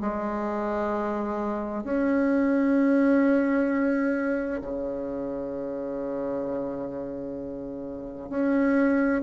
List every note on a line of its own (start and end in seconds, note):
0.00 1.84 G#3
1.84 4.61 C#4
4.61 8.29 C#3
8.29 9.21 C#4